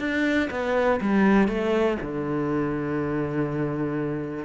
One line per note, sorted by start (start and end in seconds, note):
0.00 0.50 D4
0.51 1.00 B3
1.01 1.48 G3
1.48 1.98 A3
2.02 4.45 D3